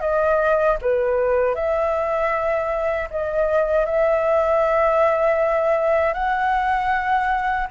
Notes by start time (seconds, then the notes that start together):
0.00 D#5
0.81 B4
1.54 E5
3.10 D#5
3.85 E5
6.13 F#5